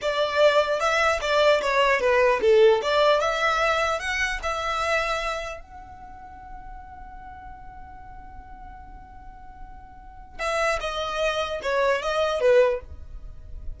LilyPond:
\new Staff \with { instrumentName = "violin" } { \time 4/4 \tempo 4 = 150 d''2 e''4 d''4 | cis''4 b'4 a'4 d''4 | e''2 fis''4 e''4~ | e''2 fis''2~ |
fis''1~ | fis''1~ | fis''2 e''4 dis''4~ | dis''4 cis''4 dis''4 b'4 | }